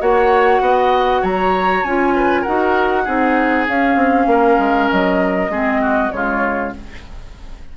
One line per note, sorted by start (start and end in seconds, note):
0.00 0.61 A#3
0.00 1.84 F#4
0.00 0.62 C#5
0.00 1.24 F#5
0.61 1.22 B3
0.61 1.22 D#5
1.22 1.84 F#3
1.22 2.14 C#5
1.22 1.83 A#5
1.83 2.45 C#4
1.83 2.46 F4
1.83 2.44 G#5
2.16 2.41 B4
2.41 3.06 F#4
2.41 3.03 A#4
2.41 3.66 F#5
2.48 3.07 D#4
3.05 3.68 C4
3.05 3.67 D#4
3.05 4.27 G#4
3.68 3.96 C#4
3.68 5.51 C#4
3.68 4.91 F5
3.96 4.27 C4
4.27 4.57 A#3
4.27 5.52 A#4
4.59 4.89 G#3
4.91 5.49 F#3
4.91 6.12 D#5
5.49 6.11 G#3
5.49 6.10 C4
5.49 5.82 G#4
5.82 6.12 F#4
6.10 6.74 C#3
6.10 6.71 G#3
6.10 6.77 F4
6.10 6.73 C#5